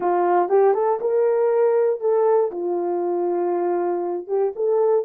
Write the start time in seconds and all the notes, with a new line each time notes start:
0.00 F4
0.48 G4
0.73 A4
1.00 A#4
2.00 A4
2.51 F4
4.27 G4
4.55 A4